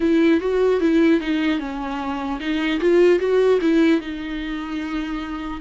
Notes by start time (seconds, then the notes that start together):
0.00 E4
0.40 F#4
0.80 E4
1.20 D#4
1.59 C#4
2.40 D#4
2.80 F4
3.19 F#4
3.61 E4
4.00 D#4